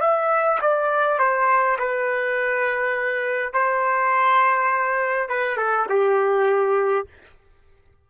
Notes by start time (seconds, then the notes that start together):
0.00 E5
0.61 D5
1.19 C5
1.79 B4
3.53 C5
5.29 B4
5.57 A4
5.89 G4